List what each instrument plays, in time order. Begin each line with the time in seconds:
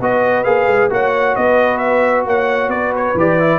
0.00 tuba B3, trombone F#4, horn B4, trumpet D#5
0.44 tuba A#3, trombone G#4, trumpet F5
0.67 tuba G#3
0.90 tuba A#3, trombone F#4, horn C#5, trumpet F#5
1.36 tuba B3, horn B4, trumpet D#5
1.77 trumpet E5
2.26 tuba A#3, horn C#5, trumpet F#5
2.68 tuba B3, horn B4, trumpet D5
2.96 trumpet C#5
3.14 tuba E3, trombone G4, trumpet D5
3.39 trombone E4